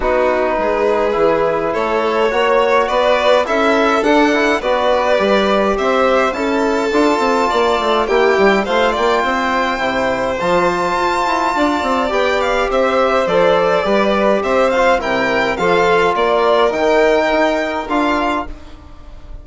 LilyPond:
<<
  \new Staff \with { instrumentName = "violin" } { \time 4/4 \tempo 4 = 104 b'2. cis''4~ | cis''4 d''4 e''4 fis''4 | d''2 e''4 a''4~ | a''2 g''4 f''8 g''8~ |
g''2 a''2~ | a''4 g''8 f''8 e''4 d''4~ | d''4 e''8 f''8 g''4 f''4 | d''4 g''2 f''4 | }
  \new Staff \with { instrumentName = "violin" } { \time 4/4 fis'4 gis'2 a'4 | cis''4 b'4 a'2 | b'2 c''4 a'4~ | a'4 d''4 g'4 c''8 d''8 |
c''1 | d''2 c''2 | b'4 c''4 ais'4 a'4 | ais'1 | }
  \new Staff \with { instrumentName = "trombone" } { \time 4/4 dis'2 e'2 | fis'2 e'4 d'8 e'8 | fis'4 g'2 e'4 | f'2 e'4 f'4~ |
f'4 e'4 f'2~ | f'4 g'2 a'4 | g'4. f'8 e'4 f'4~ | f'4 dis'2 f'4 | }
  \new Staff \with { instrumentName = "bassoon" } { \time 4/4 b4 gis4 e4 a4 | ais4 b4 cis'4 d'4 | b4 g4 c'4 cis'4 | d'8 c'8 ais8 a8 ais8 g8 a8 ais8 |
c'4 c4 f4 f'8 e'8 | d'8 c'8 b4 c'4 f4 | g4 c'4 c4 f4 | ais4 dis4 dis'4 d'4 | }
>>